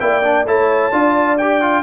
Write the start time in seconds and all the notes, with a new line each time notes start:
0.00 A#3 E4 D5 G5
0.23 D4
0.45 A3 E4 C#5 A5
0.92 D4 F4 D5
1.38 G4 G5
1.61 F4